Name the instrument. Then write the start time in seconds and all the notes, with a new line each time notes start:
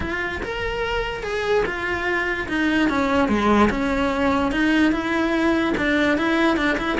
cello
0.00 F4
0.42 A#4
1.23 G#4
1.65 F4
2.48 D#4
2.89 C#4
3.28 G#3
3.69 C#4
4.51 D#4
4.91 E4
5.77 D4
6.17 E4
6.56 D4
6.78 E4